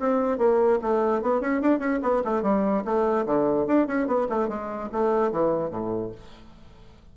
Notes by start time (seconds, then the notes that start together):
0.00 C4
0.38 A#3
0.82 A3
1.22 B3
1.41 C#4
1.62 D4
1.79 C#4
2.03 B3
2.25 A3
2.43 G3
2.85 A3
3.26 D3
3.67 D4
3.87 C#4
4.08 B3
4.30 A3
4.49 G#3
4.92 A3
5.32 E3
5.71 A2